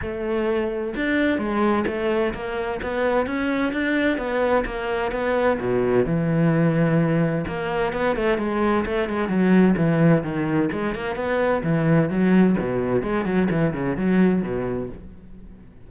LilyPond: \new Staff \with { instrumentName = "cello" } { \time 4/4 \tempo 4 = 129 a2 d'4 gis4 | a4 ais4 b4 cis'4 | d'4 b4 ais4 b4 | b,4 e2. |
ais4 b8 a8 gis4 a8 gis8 | fis4 e4 dis4 gis8 ais8 | b4 e4 fis4 b,4 | gis8 fis8 e8 cis8 fis4 b,4 | }